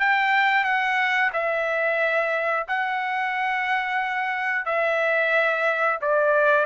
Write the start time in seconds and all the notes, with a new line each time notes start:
0.00 G5
0.65 F#5
1.33 E5
2.68 F#5
4.66 E5
6.02 D5